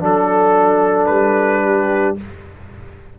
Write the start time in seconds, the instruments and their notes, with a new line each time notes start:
0.00 tuba F#3, trombone D4, horn A4, trumpet A4
1.06 tuba G3, trumpet B4
1.65 horn G4